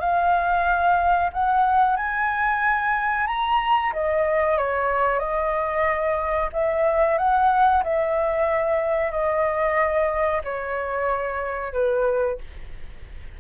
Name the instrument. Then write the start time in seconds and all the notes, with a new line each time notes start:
flute
0.00 F5
1.33 F#5
1.96 G#5
3.27 A#5
3.93 D#5
4.58 C#5
5.19 D#5
6.53 E5
7.18 F#5
7.84 E5
9.11 D#5
10.44 C#5
11.73 B4